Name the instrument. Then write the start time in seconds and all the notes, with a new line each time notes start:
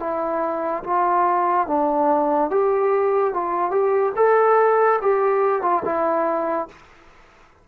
trombone
0.00 E4
0.84 F4
1.67 D4
2.51 G4
3.34 F4
3.71 G4
4.17 A4
5.02 G4
5.62 F4
5.85 E4